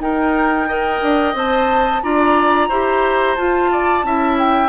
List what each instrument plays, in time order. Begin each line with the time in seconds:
0.00 bassoon D#4, clarinet D#4, oboe A#4, flute G5
0.69 clarinet A#4, oboe D#5
1.02 bassoon D4
1.35 bassoon C4, clarinet C5, flute A5
2.04 bassoon D4, clarinet F4, oboe D5, flute A#5
2.69 bassoon E4, clarinet G4, oboe C5
3.36 clarinet F4, bassoon F4, flute A5
3.73 oboe D5
4.04 bassoon C#4, clarinet E4, oboe E5
4.39 flute G5